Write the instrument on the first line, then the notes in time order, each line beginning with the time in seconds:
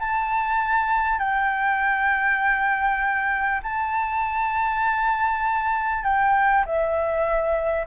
flute
0.00 A5
1.19 G5
3.63 A5
6.04 G5
6.66 E5